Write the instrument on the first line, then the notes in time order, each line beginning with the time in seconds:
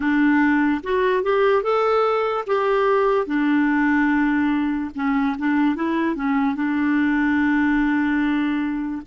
clarinet
0.00 D4
0.83 F#4
1.23 G4
1.62 A4
2.46 G4
3.26 D4
4.95 C#4
5.38 D4
5.75 E4
6.15 C#4
6.55 D4